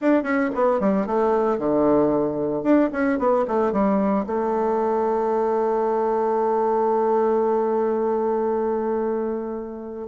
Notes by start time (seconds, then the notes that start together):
0.01 D4
0.23 C#4
0.54 B3
0.80 G3
1.06 A3
1.58 D3
2.63 D4
2.92 C#4
3.18 B3
3.47 A3
3.72 G3
4.26 A3